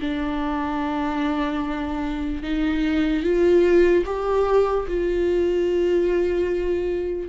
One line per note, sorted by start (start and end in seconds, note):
0.00 2.43 D4
2.43 3.23 D#4
3.23 4.04 F4
4.05 4.86 G4
4.88 7.29 F4